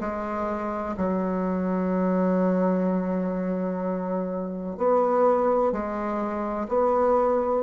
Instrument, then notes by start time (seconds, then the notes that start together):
bassoon
0.00 G#3
0.97 F#3
4.77 B3
5.72 G#3
6.68 B3